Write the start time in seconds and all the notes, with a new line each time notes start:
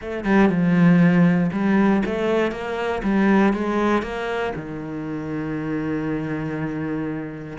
0.01 A3
0.24 G3
0.49 F3
1.52 G3
2.05 A3
2.51 A#3
3.03 G3
3.53 G#3
4.02 A#3
4.55 D#3